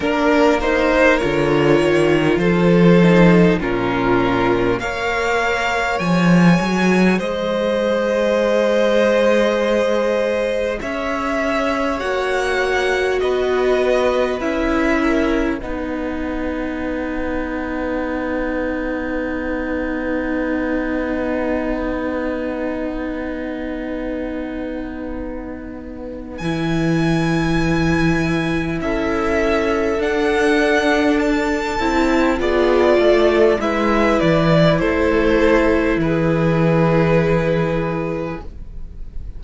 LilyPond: <<
  \new Staff \with { instrumentName = "violin" } { \time 4/4 \tempo 4 = 50 ais'8 c''8 cis''4 c''4 ais'4 | f''4 gis''4 dis''2~ | dis''4 e''4 fis''4 dis''4 | e''4 fis''2.~ |
fis''1~ | fis''2 gis''2 | e''4 fis''4 a''4 d''4 | e''8 d''8 c''4 b'2 | }
  \new Staff \with { instrumentName = "violin" } { \time 4/4 ais'2 a'4 f'4 | cis''2 c''2~ | c''4 cis''2 b'4~ | b'8 ais'8 b'2.~ |
b'1~ | b'1 | a'2. gis'8 a'8 | b'4 a'4 gis'2 | }
  \new Staff \with { instrumentName = "viola" } { \time 4/4 d'8 dis'8 f'4. dis'8 cis'4 | ais'4 gis'2.~ | gis'2 fis'2 | e'4 dis'2.~ |
dis'1~ | dis'2 e'2~ | e'4 d'4. e'8 f'4 | e'1 | }
  \new Staff \with { instrumentName = "cello" } { \time 4/4 ais4 d8 dis8 f4 ais,4 | ais4 f8 fis8 gis2~ | gis4 cis'4 ais4 b4 | cis'4 b2.~ |
b1~ | b2 e2 | cis'4 d'4. c'8 b8 a8 | gis8 e8 a4 e2 | }
>>